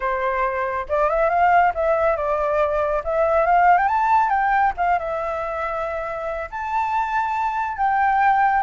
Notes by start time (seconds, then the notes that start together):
0.00 C5
0.88 D5
1.09 E5
1.29 F5
1.74 E5
2.16 D5
3.04 E5
3.45 F5
3.77 G5
3.88 A5
4.29 G5
4.77 F5
4.98 E5
6.50 A5
7.77 G5